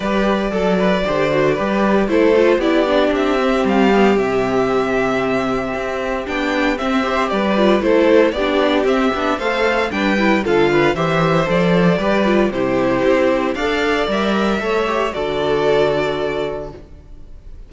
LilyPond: <<
  \new Staff \with { instrumentName = "violin" } { \time 4/4 \tempo 4 = 115 d''1 | c''4 d''4 e''4 f''4 | e''1 | g''4 e''4 d''4 c''4 |
d''4 e''4 f''4 g''4 | f''4 e''4 d''2 | c''2 f''4 e''4~ | e''4 d''2. | }
  \new Staff \with { instrumentName = "violin" } { \time 4/4 b'4 a'8 b'8 c''4 b'4 | a'4 g'2.~ | g'1~ | g'4. c''8 b'4 a'4 |
g'2 c''4 b'4 | a'8 b'8 c''2 b'4 | g'2 d''2 | cis''4 a'2. | }
  \new Staff \with { instrumentName = "viola" } { \time 4/4 g'4 a'4 g'8 fis'8 g'4 | e'8 f'8 e'8 d'4 c'4 b8 | c'1 | d'4 c'8 g'4 f'8 e'4 |
d'4 c'8 d'8 a'4 d'8 e'8 | f'4 g'4 a'4 g'8 f'8 | e'2 a'4 ais'4 | a'8 g'8 fis'2. | }
  \new Staff \with { instrumentName = "cello" } { \time 4/4 g4 fis4 d4 g4 | a4 b4 c'4 g4 | c2. c'4 | b4 c'4 g4 a4 |
b4 c'8 b8 a4 g4 | d4 e4 f4 g4 | c4 c'4 d'4 g4 | a4 d2. | }
>>